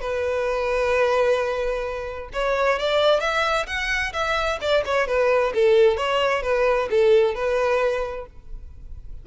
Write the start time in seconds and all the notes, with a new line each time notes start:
0.00 B4
2.33 C#5
2.79 D5
3.20 E5
3.66 F#5
4.13 E5
4.61 D5
4.85 C#5
5.07 B4
5.54 A4
5.96 C#5
6.42 B4
6.90 A4
7.34 B4